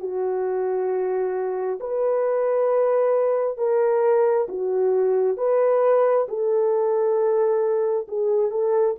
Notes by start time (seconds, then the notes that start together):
0.00 F#4
1.80 B4
3.58 A#4
4.48 F#4
5.37 B4
6.28 A4
8.08 G#4
8.51 A4